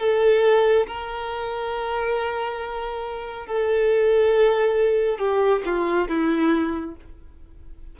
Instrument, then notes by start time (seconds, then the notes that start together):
violin
0.00 A4
0.87 A#4
3.47 A4
5.19 G4
5.66 F4
6.09 E4